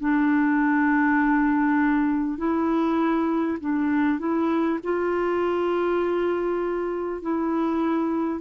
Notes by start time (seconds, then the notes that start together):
0.00 D4
2.38 E4
3.60 D4
4.19 E4
4.83 F4
7.22 E4